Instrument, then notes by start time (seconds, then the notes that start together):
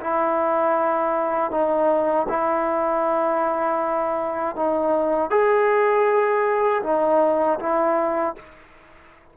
trombone
0.00 E4
1.51 D#4
2.28 E4
4.56 D#4
5.30 G#4
6.83 D#4
7.59 E4